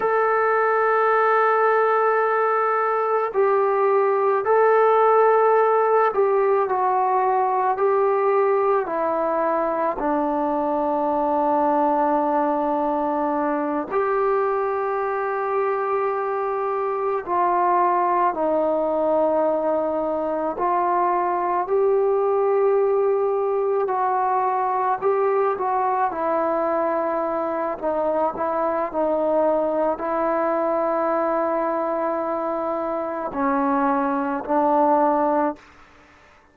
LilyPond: \new Staff \with { instrumentName = "trombone" } { \time 4/4 \tempo 4 = 54 a'2. g'4 | a'4. g'8 fis'4 g'4 | e'4 d'2.~ | d'8 g'2. f'8~ |
f'8 dis'2 f'4 g'8~ | g'4. fis'4 g'8 fis'8 e'8~ | e'4 dis'8 e'8 dis'4 e'4~ | e'2 cis'4 d'4 | }